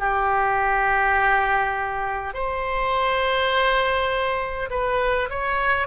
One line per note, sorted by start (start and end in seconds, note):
0.00 2.34 G4
2.34 4.70 C5
4.71 5.29 B4
5.30 5.88 C#5